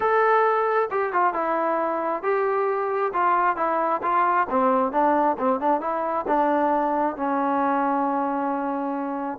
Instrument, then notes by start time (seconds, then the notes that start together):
trombone
0.00 A4
0.90 G4
1.12 F4
1.33 E4
2.22 G4
3.13 F4
3.56 E4
4.02 F4
4.49 C4
4.92 D4
5.38 C4
5.60 D4
5.80 E4
6.27 D4
7.16 C#4